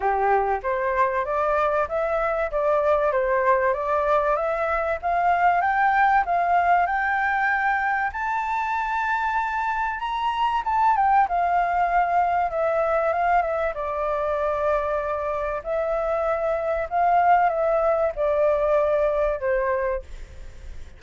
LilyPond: \new Staff \with { instrumentName = "flute" } { \time 4/4 \tempo 4 = 96 g'4 c''4 d''4 e''4 | d''4 c''4 d''4 e''4 | f''4 g''4 f''4 g''4~ | g''4 a''2. |
ais''4 a''8 g''8 f''2 | e''4 f''8 e''8 d''2~ | d''4 e''2 f''4 | e''4 d''2 c''4 | }